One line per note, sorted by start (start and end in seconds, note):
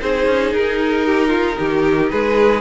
0.00 0.26 C4
0.00 2.61 D#4
0.00 1.05 G#4
0.00 0.53 C5
0.26 0.52 C#4
0.52 1.57 D#4
0.52 2.10 A#4
1.05 1.28 G4
1.28 1.55 F4
1.59 2.11 D#3
1.59 2.11 G4
2.10 2.61 G#3
2.10 2.61 G#4
2.10 2.61 B4